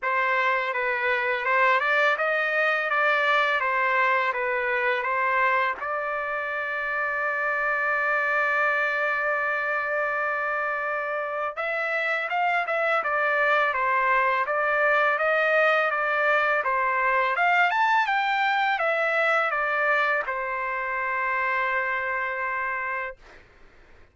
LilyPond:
\new Staff \with { instrumentName = "trumpet" } { \time 4/4 \tempo 4 = 83 c''4 b'4 c''8 d''8 dis''4 | d''4 c''4 b'4 c''4 | d''1~ | d''1 |
e''4 f''8 e''8 d''4 c''4 | d''4 dis''4 d''4 c''4 | f''8 a''8 g''4 e''4 d''4 | c''1 | }